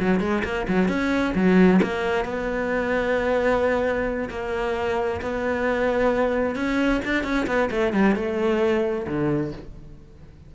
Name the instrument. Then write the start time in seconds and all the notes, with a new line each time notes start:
cello
0.00 F#3
0.20 G#3
0.44 A#3
0.68 F#3
0.88 C#4
1.35 F#3
1.82 A#3
2.25 B3
4.30 A#3
5.21 B3
6.56 C#4
7.05 D4
7.24 C#4
7.47 B3
7.71 A3
7.93 G3
8.15 A3
9.07 D3